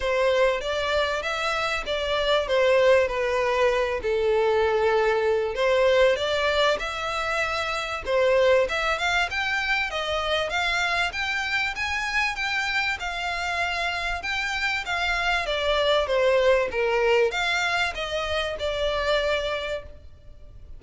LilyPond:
\new Staff \with { instrumentName = "violin" } { \time 4/4 \tempo 4 = 97 c''4 d''4 e''4 d''4 | c''4 b'4. a'4.~ | a'4 c''4 d''4 e''4~ | e''4 c''4 e''8 f''8 g''4 |
dis''4 f''4 g''4 gis''4 | g''4 f''2 g''4 | f''4 d''4 c''4 ais'4 | f''4 dis''4 d''2 | }